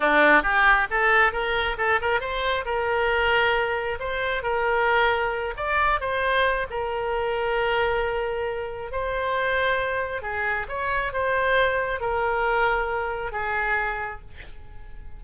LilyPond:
\new Staff \with { instrumentName = "oboe" } { \time 4/4 \tempo 4 = 135 d'4 g'4 a'4 ais'4 | a'8 ais'8 c''4 ais'2~ | ais'4 c''4 ais'2~ | ais'8 d''4 c''4. ais'4~ |
ais'1 | c''2. gis'4 | cis''4 c''2 ais'4~ | ais'2 gis'2 | }